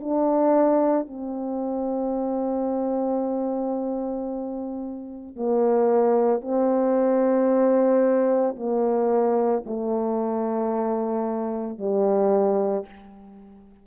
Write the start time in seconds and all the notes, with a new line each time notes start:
0.00 D4
1.07 C4
5.36 A#3
6.41 C4
8.56 A#3
9.66 A3
11.78 G3